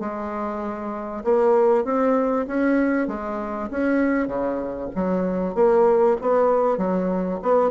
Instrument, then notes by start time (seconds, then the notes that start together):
bassoon
0.00 G#3
1.24 A#3
1.84 C4
2.47 C#4
3.08 G#3
3.70 C#4
4.27 C#3
4.95 F#3
5.55 A#3
6.21 B3
6.78 F#3
7.42 B3